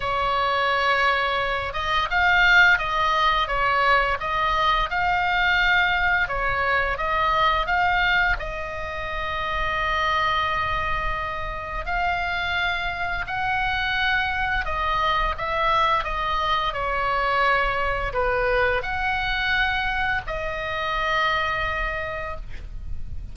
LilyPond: \new Staff \with { instrumentName = "oboe" } { \time 4/4 \tempo 4 = 86 cis''2~ cis''8 dis''8 f''4 | dis''4 cis''4 dis''4 f''4~ | f''4 cis''4 dis''4 f''4 | dis''1~ |
dis''4 f''2 fis''4~ | fis''4 dis''4 e''4 dis''4 | cis''2 b'4 fis''4~ | fis''4 dis''2. | }